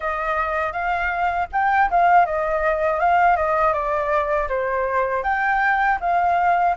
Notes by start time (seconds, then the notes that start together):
0.00 D#5
0.72 F5
1.52 G5
1.90 F5
2.25 D#5
2.99 F5
3.36 D#5
3.73 D5
4.48 C5
5.23 G5
6.00 F5